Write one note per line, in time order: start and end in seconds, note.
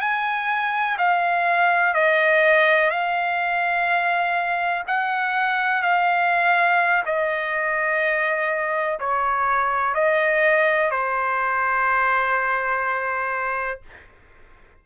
0.00 0.97 G#5
0.98 1.94 F5
1.94 2.90 D#5
2.90 4.83 F5
4.87 5.82 F#5
5.82 7.03 F5
7.05 8.99 D#5
8.99 9.94 C#5
9.94 10.90 D#5
10.90 13.81 C5